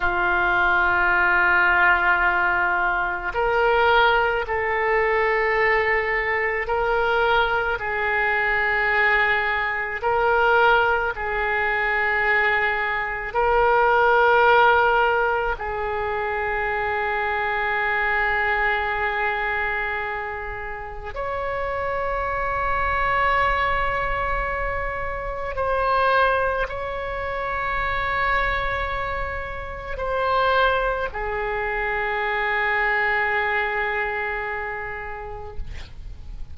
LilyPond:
\new Staff \with { instrumentName = "oboe" } { \time 4/4 \tempo 4 = 54 f'2. ais'4 | a'2 ais'4 gis'4~ | gis'4 ais'4 gis'2 | ais'2 gis'2~ |
gis'2. cis''4~ | cis''2. c''4 | cis''2. c''4 | gis'1 | }